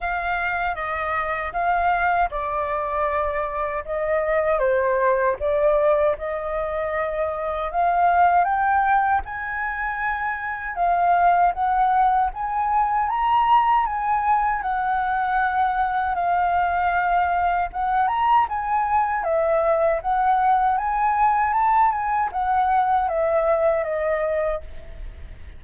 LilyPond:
\new Staff \with { instrumentName = "flute" } { \time 4/4 \tempo 4 = 78 f''4 dis''4 f''4 d''4~ | d''4 dis''4 c''4 d''4 | dis''2 f''4 g''4 | gis''2 f''4 fis''4 |
gis''4 ais''4 gis''4 fis''4~ | fis''4 f''2 fis''8 ais''8 | gis''4 e''4 fis''4 gis''4 | a''8 gis''8 fis''4 e''4 dis''4 | }